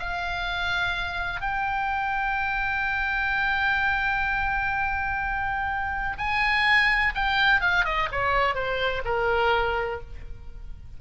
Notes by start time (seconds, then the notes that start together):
0.00 F5
1.41 G5
6.18 G#5
7.15 G5
7.61 F5
7.85 D#5
8.12 C#5
8.55 C5
9.05 A#4